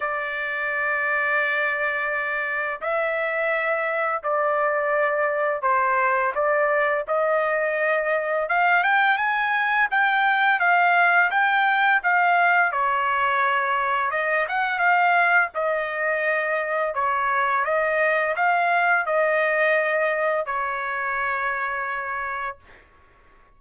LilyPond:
\new Staff \with { instrumentName = "trumpet" } { \time 4/4 \tempo 4 = 85 d''1 | e''2 d''2 | c''4 d''4 dis''2 | f''8 g''8 gis''4 g''4 f''4 |
g''4 f''4 cis''2 | dis''8 fis''8 f''4 dis''2 | cis''4 dis''4 f''4 dis''4~ | dis''4 cis''2. | }